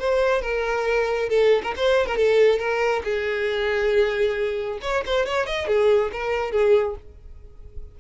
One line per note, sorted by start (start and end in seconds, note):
0.00 0.42 C5
0.42 1.30 A#4
1.30 1.62 A4
1.64 1.75 A#4
1.77 2.07 C5
2.07 2.17 A#4
2.17 2.59 A4
2.59 3.03 A#4
3.05 4.80 G#4
4.82 5.04 C#5
5.06 5.26 C5
5.26 5.47 C#5
5.47 5.68 D#5
5.68 6.12 G#4
6.13 6.52 A#4
6.52 6.96 G#4